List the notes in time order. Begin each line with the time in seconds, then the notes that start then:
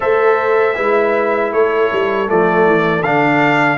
0.00 A3 A4 C5 E5
0.75 G#3 E4 B4
1.53 A3 A4 C#5
1.92 G3
2.26 F3 A3 D5
2.65 E3
3.02 D3 D4 F5